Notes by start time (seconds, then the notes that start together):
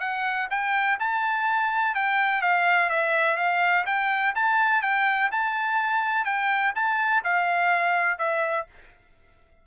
0.00 F#5
0.50 G5
1.00 A5
1.95 G5
2.42 F5
2.90 E5
3.37 F5
3.86 G5
4.35 A5
4.82 G5
5.32 A5
6.25 G5
6.75 A5
7.24 F5
8.18 E5